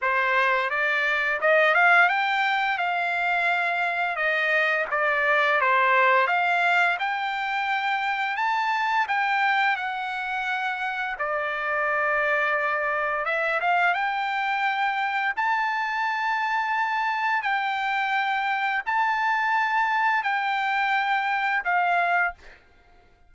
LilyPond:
\new Staff \with { instrumentName = "trumpet" } { \time 4/4 \tempo 4 = 86 c''4 d''4 dis''8 f''8 g''4 | f''2 dis''4 d''4 | c''4 f''4 g''2 | a''4 g''4 fis''2 |
d''2. e''8 f''8 | g''2 a''2~ | a''4 g''2 a''4~ | a''4 g''2 f''4 | }